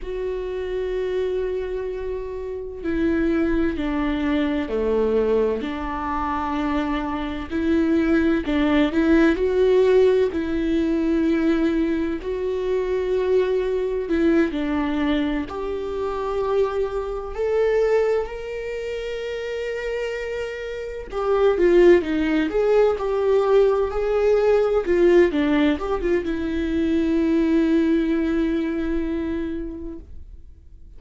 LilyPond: \new Staff \with { instrumentName = "viola" } { \time 4/4 \tempo 4 = 64 fis'2. e'4 | d'4 a4 d'2 | e'4 d'8 e'8 fis'4 e'4~ | e'4 fis'2 e'8 d'8~ |
d'8 g'2 a'4 ais'8~ | ais'2~ ais'8 g'8 f'8 dis'8 | gis'8 g'4 gis'4 f'8 d'8 g'16 f'16 | e'1 | }